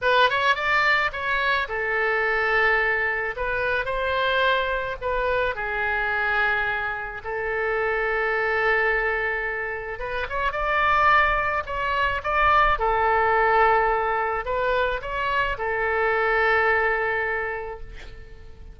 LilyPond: \new Staff \with { instrumentName = "oboe" } { \time 4/4 \tempo 4 = 108 b'8 cis''8 d''4 cis''4 a'4~ | a'2 b'4 c''4~ | c''4 b'4 gis'2~ | gis'4 a'2.~ |
a'2 b'8 cis''8 d''4~ | d''4 cis''4 d''4 a'4~ | a'2 b'4 cis''4 | a'1 | }